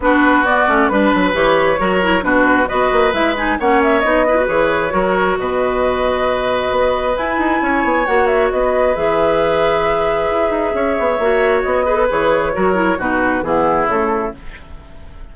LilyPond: <<
  \new Staff \with { instrumentName = "flute" } { \time 4/4 \tempo 4 = 134 b'4 d''4 b'4 cis''4~ | cis''4 b'4 dis''4 e''8 gis''8 | fis''8 e''8 dis''4 cis''2 | dis''1 |
gis''2 fis''8 e''8 dis''4 | e''1~ | e''2 dis''4 cis''4~ | cis''4 b'4 gis'4 a'4 | }
  \new Staff \with { instrumentName = "oboe" } { \time 4/4 fis'2 b'2 | ais'4 fis'4 b'2 | cis''4. b'4. ais'4 | b'1~ |
b'4 cis''2 b'4~ | b'1 | cis''2~ cis''8 b'4. | ais'4 fis'4 e'2 | }
  \new Staff \with { instrumentName = "clarinet" } { \time 4/4 d'4 b8 cis'8 d'4 g'4 | fis'8 e'8 d'4 fis'4 e'8 dis'8 | cis'4 dis'8 e'16 fis'16 gis'4 fis'4~ | fis'1 |
e'2 fis'2 | gis'1~ | gis'4 fis'4. gis'16 a'16 gis'4 | fis'8 e'8 dis'4 b4 a4 | }
  \new Staff \with { instrumentName = "bassoon" } { \time 4/4 b4. a8 g8 fis8 e4 | fis4 b,4 b8 ais8 gis4 | ais4 b4 e4 fis4 | b,2. b4 |
e'8 dis'8 cis'8 b8 ais4 b4 | e2. e'8 dis'8 | cis'8 b8 ais4 b4 e4 | fis4 b,4 e4 cis4 | }
>>